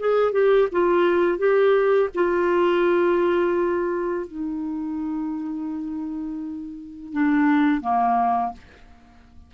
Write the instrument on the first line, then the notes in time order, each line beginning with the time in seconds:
clarinet
0.00 G#4
0.33 G4
0.72 F4
1.39 G4
2.15 F4
4.27 D#4
7.13 D4
7.81 A#3